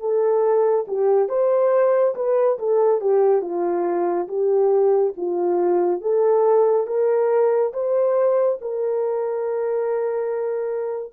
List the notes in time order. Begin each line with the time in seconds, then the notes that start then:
0.00 A4
0.88 G4
1.29 C5
2.15 B4
2.59 A4
3.01 G4
3.42 F4
4.28 G4
5.17 F4
6.01 A4
6.87 A#4
7.73 C5
8.61 A#4